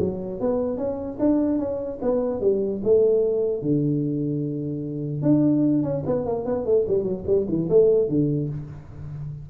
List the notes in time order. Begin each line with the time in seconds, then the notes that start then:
0.00 F#3
0.41 B3
0.78 C#4
1.20 D4
1.59 C#4
2.02 B3
2.41 G3
2.84 A3
3.62 D3
5.23 D4
5.84 C#4
6.07 B3
6.26 A#3
6.46 B3
6.66 A3
6.88 G3
7.04 F#3
7.27 G3
7.49 E3
7.70 A3
8.09 D3